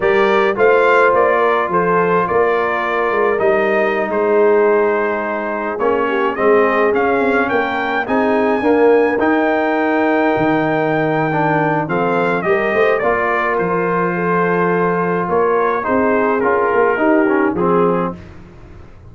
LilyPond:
<<
  \new Staff \with { instrumentName = "trumpet" } { \time 4/4 \tempo 4 = 106 d''4 f''4 d''4 c''4 | d''2 dis''4~ dis''16 c''8.~ | c''2~ c''16 cis''4 dis''8.~ | dis''16 f''4 g''4 gis''4.~ gis''16~ |
gis''16 g''2.~ g''8.~ | g''4 f''4 dis''4 d''4 | c''2. cis''4 | c''4 ais'2 gis'4 | }
  \new Staff \with { instrumentName = "horn" } { \time 4/4 ais'4 c''4. ais'8 a'4 | ais'2.~ ais'16 gis'8.~ | gis'2~ gis'8. g'8 gis'8.~ | gis'4~ gis'16 ais'4 gis'4 ais'8.~ |
ais'1~ | ais'4 a'4 ais'8 c''8 d''8 ais'8~ | ais'4 a'2 ais'4 | gis'2 g'4 gis'4 | }
  \new Staff \with { instrumentName = "trombone" } { \time 4/4 g'4 f'2.~ | f'2 dis'2~ | dis'2~ dis'16 cis'4 c'8.~ | c'16 cis'2 dis'4 ais8.~ |
ais16 dis'2.~ dis'8. | d'4 c'4 g'4 f'4~ | f'1 | dis'4 f'4 dis'8 cis'8 c'4 | }
  \new Staff \with { instrumentName = "tuba" } { \time 4/4 g4 a4 ais4 f4 | ais4. gis8 g4~ g16 gis8.~ | gis2~ gis16 ais4 gis8.~ | gis16 cis'8 c'8 ais4 c'4 d'8.~ |
d'16 dis'2 dis4.~ dis16~ | dis4 f4 g8 a8 ais4 | f2. ais4 | c'4 cis'8 ais8 dis'4 f4 | }
>>